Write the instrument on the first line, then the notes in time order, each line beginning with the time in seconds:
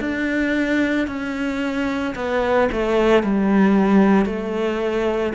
cello
0.00 D4
1.07 C#4
2.15 B3
2.72 A3
3.23 G3
4.26 A3